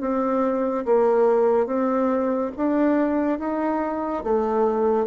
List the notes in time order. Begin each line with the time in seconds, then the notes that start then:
0.00 C4
0.85 A#3
1.67 C4
2.57 D4
3.39 D#4
4.24 A3